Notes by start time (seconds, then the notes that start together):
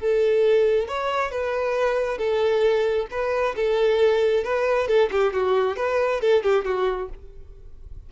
0.00 A4
0.89 C#5
1.32 B4
2.18 A4
3.11 B4
3.56 A4
4.45 B4
4.88 A4
5.12 G4
5.34 F#4
5.77 B4
6.21 A4
6.43 G4
6.65 F#4